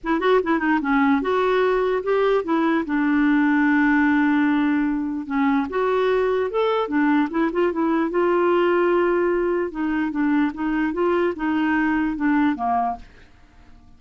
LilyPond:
\new Staff \with { instrumentName = "clarinet" } { \time 4/4 \tempo 4 = 148 e'8 fis'8 e'8 dis'8 cis'4 fis'4~ | fis'4 g'4 e'4 d'4~ | d'1~ | d'4 cis'4 fis'2 |
a'4 d'4 e'8 f'8 e'4 | f'1 | dis'4 d'4 dis'4 f'4 | dis'2 d'4 ais4 | }